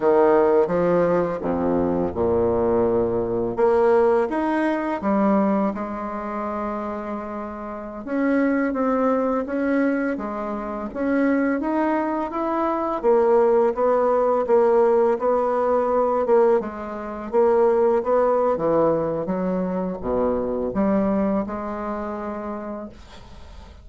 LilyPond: \new Staff \with { instrumentName = "bassoon" } { \time 4/4 \tempo 4 = 84 dis4 f4 f,4 ais,4~ | ais,4 ais4 dis'4 g4 | gis2.~ gis16 cis'8.~ | cis'16 c'4 cis'4 gis4 cis'8.~ |
cis'16 dis'4 e'4 ais4 b8.~ | b16 ais4 b4. ais8 gis8.~ | gis16 ais4 b8. e4 fis4 | b,4 g4 gis2 | }